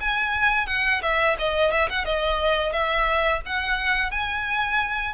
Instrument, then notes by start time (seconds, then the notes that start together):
violin
0.00 G#5
0.67 F#5
1.02 E5
1.39 D#5
1.71 E5
1.90 F#5
2.05 D#5
2.73 E5
3.46 F#5
4.11 G#5